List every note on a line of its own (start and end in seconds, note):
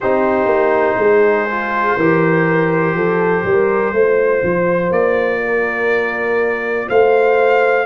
0.00 0.45 C4
0.00 1.49 D#4
0.00 0.99 G4
0.00 4.92 C5
0.45 0.94 A#3
0.97 1.95 G#3
0.97 1.96 G#4
1.50 1.99 F4
1.96 2.94 E3
1.96 3.95 G4
1.96 2.95 A#4
2.94 3.43 F3
2.94 3.44 A4
3.43 3.92 G3
3.43 3.93 A#4
3.92 4.42 A3
3.92 7.85 F4
3.92 5.41 C5
4.43 4.91 F3
4.91 6.87 A#3
4.91 6.89 D5
5.43 6.87 A#4
6.87 7.85 A3
6.87 7.85 C5
6.87 7.85 F5